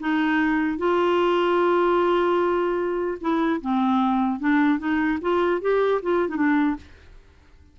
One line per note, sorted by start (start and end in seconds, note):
0.00 0.78 D#4
0.78 3.18 F4
3.21 3.61 E4
3.61 4.40 C4
4.40 4.79 D4
4.79 5.19 D#4
5.21 5.61 F4
5.61 6.01 G4
6.02 6.29 F4
6.29 6.36 D#4
6.36 6.76 D4